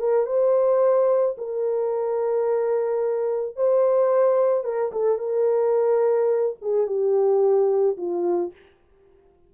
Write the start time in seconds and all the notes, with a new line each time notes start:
0.00 A#4
0.26 C5
1.38 A#4
3.56 C5
4.64 A#4
4.92 A4
5.19 A#4
6.62 G#4
6.87 G4
7.98 F4